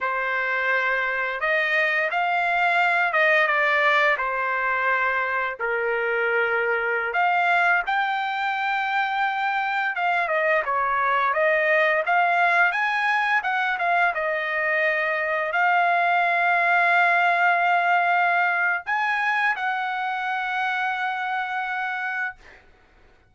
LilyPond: \new Staff \with { instrumentName = "trumpet" } { \time 4/4 \tempo 4 = 86 c''2 dis''4 f''4~ | f''8 dis''8 d''4 c''2 | ais'2~ ais'16 f''4 g''8.~ | g''2~ g''16 f''8 dis''8 cis''8.~ |
cis''16 dis''4 f''4 gis''4 fis''8 f''16~ | f''16 dis''2 f''4.~ f''16~ | f''2. gis''4 | fis''1 | }